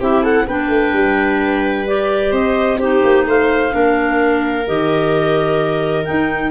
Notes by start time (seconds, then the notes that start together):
0.00 C4 E4 G4 E5
0.23 A4 F#5
0.47 B3 D4 B4 G5
0.68 A3
0.93 G3
1.86 G4 D5
2.32 C4 C5 D#5
2.78 D#4 G4 C5
3.03 A#3
3.26 A3 C5 F5
3.71 A#3 D4 A#4
4.66 D#3 G4 D#5
6.05 D#4 G5